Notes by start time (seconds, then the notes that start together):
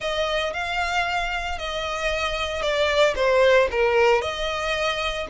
0.00 D#5
0.53 F5
1.58 D#5
2.61 D5
3.15 C5
3.71 A#4
4.21 D#5